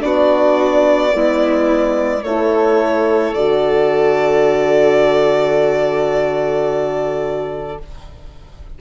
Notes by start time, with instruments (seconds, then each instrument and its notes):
0.00 bassoon B3, horn D4, violin F#4 D5
1.12 bassoon G#3, horn B3, violin E4
2.23 bassoon A3, horn E4, violin A4 C#5
3.34 bassoon D3, horn F#4, violin D5